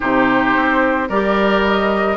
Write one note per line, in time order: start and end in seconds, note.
0.00 0.56 C3
0.00 1.07 D#4
0.00 1.08 G4
0.00 1.09 C5
0.56 1.09 C4
1.08 2.17 G3
1.08 2.17 G4
1.08 2.17 A#4
1.08 1.63 D5
1.64 2.17 D#5